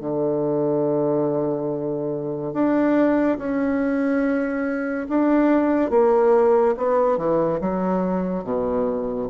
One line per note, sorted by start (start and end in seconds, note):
0.00 2.53 D3
2.53 3.38 D4
3.38 5.07 C#4
5.09 5.90 D4
5.90 6.75 A#3
6.77 7.17 B3
7.17 7.59 E3
7.60 8.43 F#3
8.43 9.28 B2